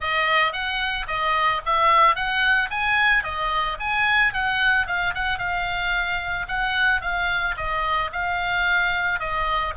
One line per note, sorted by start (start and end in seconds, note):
0.00 0.52 D#5
0.52 1.06 F#5
1.07 1.61 D#5
1.65 2.15 E5
2.15 2.69 F#5
2.70 3.23 G#5
3.23 3.77 D#5
3.79 4.33 G#5
4.33 4.86 F#5
4.86 5.14 F5
5.14 5.38 F#5
5.38 6.46 F5
6.47 7.01 F#5
7.01 7.55 F5
7.57 8.11 D#5
8.12 9.19 F5
9.19 9.73 D#5